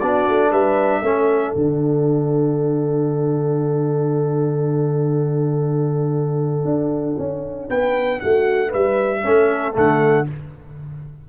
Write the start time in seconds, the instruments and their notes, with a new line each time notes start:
0.00 tuba B3, trombone D4, horn F#4, trumpet D5
0.28 tuba A3
0.50 tuba G3, horn B4, trumpet E5
1.01 tuba A3, trombone C#4, horn A4
1.55 tuba D3, trombone D4, trumpet F#5
6.65 tuba D4
7.18 tuba C#4
7.69 tuba B3, horn B4, trumpet G5
8.20 tuba A3, horn F#4, trumpet F#5
8.69 tuba G3, horn B4, trumpet E5
9.23 tuba A3, trombone C#4, horn A4
9.73 tuba D3, trombone A3, trumpet F#5